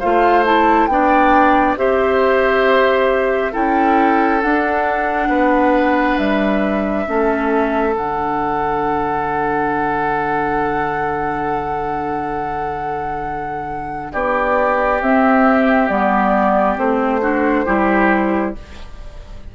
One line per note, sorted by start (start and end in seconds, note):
0.00 0.88 A3
0.00 0.45 F4
0.00 0.88 C5
0.00 0.44 F5
0.45 0.89 E4
0.45 0.87 A5
0.87 1.76 B3
0.87 1.77 D4
0.87 1.79 D5
0.87 1.75 G5
1.77 3.53 C4
1.77 3.53 G4
1.77 3.52 C5
1.77 3.54 E5
3.52 4.44 C#4
3.52 4.41 E4
3.52 5.29 A4
3.52 4.42 G5
4.42 7.07 D4
4.42 5.29 D4
4.42 6.18 F#5
5.29 6.17 B3
5.29 7.06 B4
6.18 7.06 G3
6.18 7.95 E5
7.07 7.95 A3
7.07 7.93 C#4
7.07 14.12 A4
7.93 14.13 D3
7.93 14.99 D4
7.93 14.13 F#5
14.12 15.02 B3
14.12 17.21 G4
14.12 15.01 D5
15.02 15.89 C4
15.02 15.90 C4
15.02 15.89 E5
15.89 16.78 G3
15.89 16.77 B3
15.89 16.77 D5
16.77 17.66 A3
16.77 17.21 C4
16.77 18.55 C5
17.22 17.66 D4
17.22 17.66 F#4
17.66 18.55 G3
17.66 18.54 E4
17.66 18.54 G4